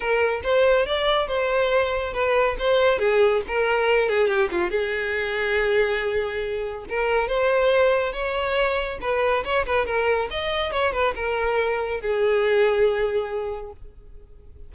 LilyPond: \new Staff \with { instrumentName = "violin" } { \time 4/4 \tempo 4 = 140 ais'4 c''4 d''4 c''4~ | c''4 b'4 c''4 gis'4 | ais'4. gis'8 g'8 f'8 gis'4~ | gis'1 |
ais'4 c''2 cis''4~ | cis''4 b'4 cis''8 b'8 ais'4 | dis''4 cis''8 b'8 ais'2 | gis'1 | }